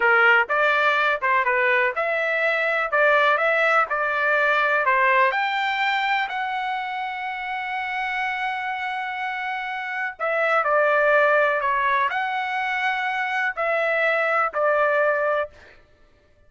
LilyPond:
\new Staff \with { instrumentName = "trumpet" } { \time 4/4 \tempo 4 = 124 ais'4 d''4. c''8 b'4 | e''2 d''4 e''4 | d''2 c''4 g''4~ | g''4 fis''2.~ |
fis''1~ | fis''4 e''4 d''2 | cis''4 fis''2. | e''2 d''2 | }